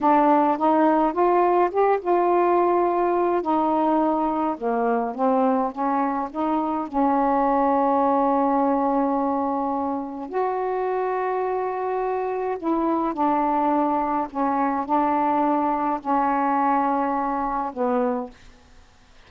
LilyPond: \new Staff \with { instrumentName = "saxophone" } { \time 4/4 \tempo 4 = 105 d'4 dis'4 f'4 g'8 f'8~ | f'2 dis'2 | ais4 c'4 cis'4 dis'4 | cis'1~ |
cis'2 fis'2~ | fis'2 e'4 d'4~ | d'4 cis'4 d'2 | cis'2. b4 | }